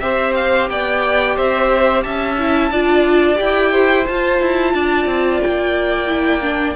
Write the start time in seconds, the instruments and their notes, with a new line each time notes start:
0.00 cello C4, viola G4, violin C5 E5
0.35 violin F5
0.70 cello B3, violin D5 G5
1.37 cello C4, violin C5 E5
2.03 cello C#4, violin E5 A5
2.39 viola E4
2.71 cello D4, viola F4, violin D5
3.36 cello E4, viola G4, violin G5
3.72 violin C5
4.06 viola F4, cello F4, violin A5
4.41 cello E4
4.74 cello D4, violin D5
5.06 cello C4
5.42 cello A#3, violin G5
6.07 viola E4
6.42 viola D4